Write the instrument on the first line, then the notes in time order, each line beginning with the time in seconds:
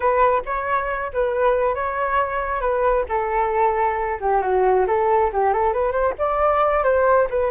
flute
0.00 B4
0.45 C#5
1.13 B4
1.74 C#5
2.60 B4
3.08 A4
4.20 G4
4.41 F#4
4.87 A4
5.32 G4
5.53 A4
5.73 B4
5.91 C5
6.18 D5
6.83 C5
7.29 B4